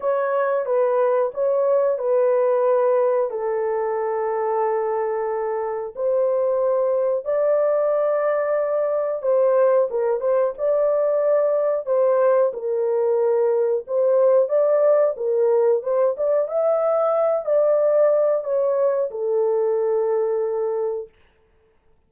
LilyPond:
\new Staff \with { instrumentName = "horn" } { \time 4/4 \tempo 4 = 91 cis''4 b'4 cis''4 b'4~ | b'4 a'2.~ | a'4 c''2 d''4~ | d''2 c''4 ais'8 c''8 |
d''2 c''4 ais'4~ | ais'4 c''4 d''4 ais'4 | c''8 d''8 e''4. d''4. | cis''4 a'2. | }